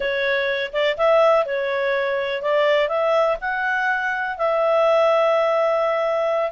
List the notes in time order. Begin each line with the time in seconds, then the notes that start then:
0.00 C#5
0.72 D5
0.97 E5
1.45 C#5
2.42 D5
2.88 E5
3.40 F#5
4.37 E5